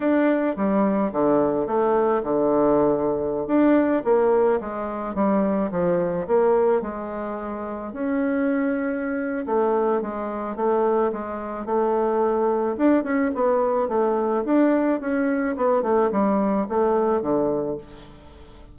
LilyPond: \new Staff \with { instrumentName = "bassoon" } { \time 4/4 \tempo 4 = 108 d'4 g4 d4 a4 | d2~ d16 d'4 ais8.~ | ais16 gis4 g4 f4 ais8.~ | ais16 gis2 cis'4.~ cis'16~ |
cis'4 a4 gis4 a4 | gis4 a2 d'8 cis'8 | b4 a4 d'4 cis'4 | b8 a8 g4 a4 d4 | }